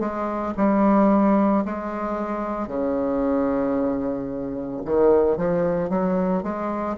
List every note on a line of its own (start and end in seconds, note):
0.00 0.54 G#3
0.57 1.64 G3
1.65 2.67 G#3
2.67 4.82 C#3
4.85 5.37 D#3
5.37 5.89 F3
5.89 6.43 F#3
6.43 6.96 G#3